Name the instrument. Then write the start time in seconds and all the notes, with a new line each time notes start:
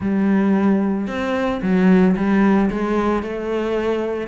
cello
0.00 G3
1.07 C4
1.62 F#3
2.16 G3
2.70 G#3
3.23 A3